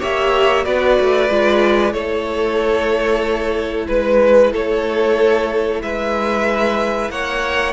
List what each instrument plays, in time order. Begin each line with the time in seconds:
0.00 cello A#3, viola G4, violin C#5 E5
0.64 cello B3, viola F#4, violin B4 D5
1.00 cello A3
1.30 cello G#3, viola F4
1.93 cello A3, viola E4, violin A4 C#5
3.88 cello G#3, violin B4
4.53 cello A3, violin A4 C#5
5.82 cello G#3, violin B4 E5
7.10 cello A#3, violin C#5 F#5